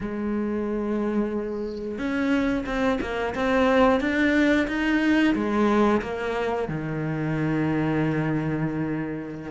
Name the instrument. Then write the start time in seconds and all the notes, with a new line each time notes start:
cello
0.00 G#3
1.98 C#4
2.65 C4
3.01 A#3
3.34 C4
4.00 D4
4.67 D#4
5.34 G#3
6.01 A#3
6.68 D#3